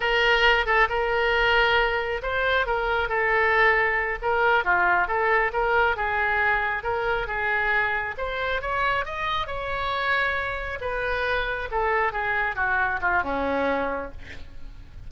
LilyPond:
\new Staff \with { instrumentName = "oboe" } { \time 4/4 \tempo 4 = 136 ais'4. a'8 ais'2~ | ais'4 c''4 ais'4 a'4~ | a'4. ais'4 f'4 a'8~ | a'8 ais'4 gis'2 ais'8~ |
ais'8 gis'2 c''4 cis''8~ | cis''8 dis''4 cis''2~ cis''8~ | cis''8 b'2 a'4 gis'8~ | gis'8 fis'4 f'8 cis'2 | }